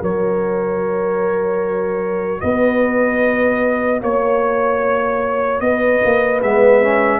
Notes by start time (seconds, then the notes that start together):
0.00 F#3 F#4 A#4 C#5
2.40 B3 B4 D#5
4.01 A#3 C#5
5.60 B3 B4 D#5
6.04 A#3
6.42 G#3 B3 E5
6.82 C#4